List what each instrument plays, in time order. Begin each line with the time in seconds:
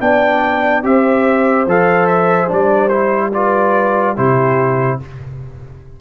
0.00 tuba B3, trombone D4, horn D5, trumpet G5
0.83 tuba C4, trombone G4, horn C5, trumpet E5
1.66 tuba F3, trombone A4, trumpet F5
2.06 trumpet E5
2.47 tuba G3, trombone D4, trumpet D5
2.88 trombone E4, trumpet C5
3.32 trombone F4, horn B4, trumpet D5
4.16 tuba C3, trombone E4, horn G4, trumpet C5